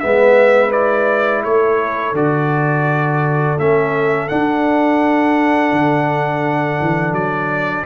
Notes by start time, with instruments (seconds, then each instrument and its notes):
0.00 tuba G#3, trombone B3, horn B4, trumpet E5
0.71 trombone E4, trumpet D5
1.44 tuba A3, horn A4, trumpet C#5
2.12 tuba D3, trombone F#4, trumpet D5
3.59 tuba A3, trombone C#4, trumpet E5
4.29 trombone D4, tuba D4, trumpet F#5
5.72 tuba D3
6.81 tuba E3
7.12 tuba F#3, trumpet D5